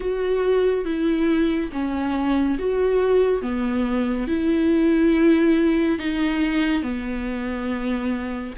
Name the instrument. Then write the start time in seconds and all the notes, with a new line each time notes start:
viola
0.00 F#4
0.85 E4
1.72 C#4
2.58 F#4
3.41 B3
4.27 E4
5.98 D#4
6.82 B3